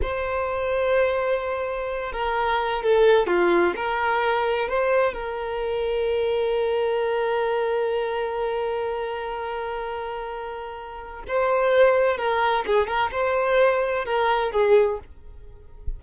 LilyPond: \new Staff \with { instrumentName = "violin" } { \time 4/4 \tempo 4 = 128 c''1~ | c''8 ais'4. a'4 f'4 | ais'2 c''4 ais'4~ | ais'1~ |
ais'1~ | ais'1 | c''2 ais'4 gis'8 ais'8 | c''2 ais'4 gis'4 | }